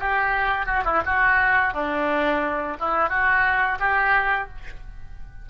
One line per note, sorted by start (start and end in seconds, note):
0.00 0.66 G4
0.66 0.83 F#4
0.85 1.03 E4
1.06 1.74 F#4
1.74 2.77 D4
2.80 3.10 E4
3.10 3.79 F#4
3.80 4.49 G4